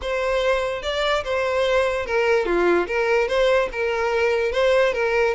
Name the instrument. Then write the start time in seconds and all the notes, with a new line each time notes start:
violin
0.01 C5
0.82 D5
1.24 C5
2.06 A#4
2.45 F4
2.87 A#4
3.27 C5
3.72 A#4
4.52 C5
4.93 A#4